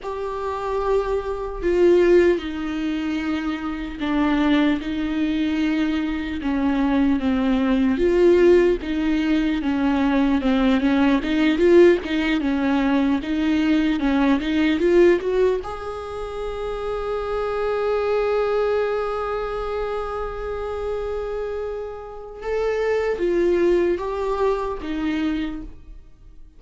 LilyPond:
\new Staff \with { instrumentName = "viola" } { \time 4/4 \tempo 4 = 75 g'2 f'4 dis'4~ | dis'4 d'4 dis'2 | cis'4 c'4 f'4 dis'4 | cis'4 c'8 cis'8 dis'8 f'8 dis'8 cis'8~ |
cis'8 dis'4 cis'8 dis'8 f'8 fis'8 gis'8~ | gis'1~ | gis'1 | a'4 f'4 g'4 dis'4 | }